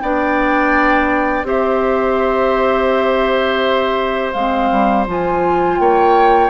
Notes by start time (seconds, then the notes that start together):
0.00 B3 D4 D5 G5
1.43 C4 G4 C5 E5
4.33 G#3 C4 F5
4.71 G3
5.07 F3 F4 G#5
5.78 A#3 C#5 G5